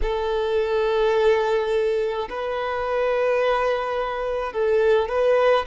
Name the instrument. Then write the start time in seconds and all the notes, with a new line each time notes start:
violin
0.02 A4
2.29 B4
4.53 A4
5.08 B4